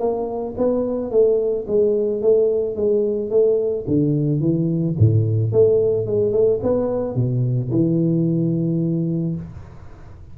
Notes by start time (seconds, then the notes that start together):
0.00 A#3
0.58 B3
1.11 A3
1.68 G#3
2.22 A3
2.76 G#3
3.31 A3
3.88 D3
4.41 E3
4.99 A2
5.52 A3
6.07 G#3
6.33 A3
6.63 B3
7.16 B2
7.71 E3